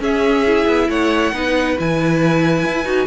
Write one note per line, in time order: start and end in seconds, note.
0.00 0.44 C#4
0.00 0.66 C#4
0.00 0.89 G#4
0.00 0.91 E5
0.47 1.34 E4
0.67 0.89 B3
0.90 1.33 A3
0.90 1.34 C#5
0.90 1.78 F#5
1.33 1.77 B3
1.33 1.78 D#4
1.33 3.07 B4
1.79 2.65 E3
1.79 2.86 E4
1.79 3.07 G#5
2.65 2.85 E4
2.85 3.07 D#4
2.85 3.07 F#4